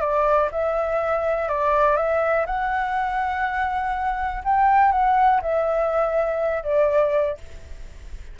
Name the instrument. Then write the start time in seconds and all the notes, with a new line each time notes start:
flute
0.00 D5
0.51 E5
1.48 D5
1.96 E5
2.46 F#5
4.44 G5
4.92 F#5
5.41 E5
6.63 D5